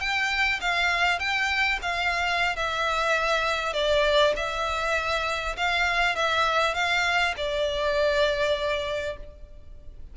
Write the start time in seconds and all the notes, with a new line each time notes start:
0.00 G5
0.61 F5
1.19 G5
1.82 F5
2.56 E5
3.73 D5
4.36 E5
5.57 F5
6.16 E5
6.74 F5
7.37 D5